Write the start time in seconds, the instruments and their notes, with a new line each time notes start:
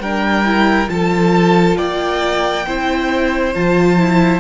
0.00 cello G3, viola D4, violin A#4 G5
0.45 viola E4
0.88 cello F3, viola F4, violin A4 A5
1.78 cello A#3, violin D5 G5
2.67 cello C4, viola E4, violin C5
3.55 cello F3, viola F4, violin A5
3.98 viola E4